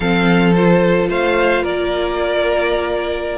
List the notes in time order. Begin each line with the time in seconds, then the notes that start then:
0.00 F3 C4 A4 F5
0.54 F4 C5
1.09 A3 C5 F5
1.62 A#3 A#4 D5